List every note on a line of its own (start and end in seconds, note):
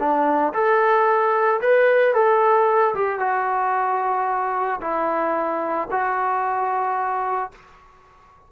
0.00 0.54 D4
0.54 1.61 A4
1.62 2.14 B4
2.14 2.95 A4
2.95 3.20 G4
3.20 4.81 F#4
4.81 5.89 E4
5.91 7.52 F#4